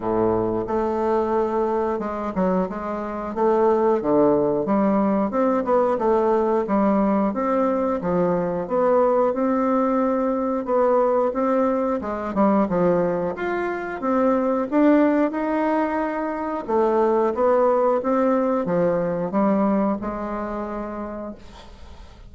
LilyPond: \new Staff \with { instrumentName = "bassoon" } { \time 4/4 \tempo 4 = 90 a,4 a2 gis8 fis8 | gis4 a4 d4 g4 | c'8 b8 a4 g4 c'4 | f4 b4 c'2 |
b4 c'4 gis8 g8 f4 | f'4 c'4 d'4 dis'4~ | dis'4 a4 b4 c'4 | f4 g4 gis2 | }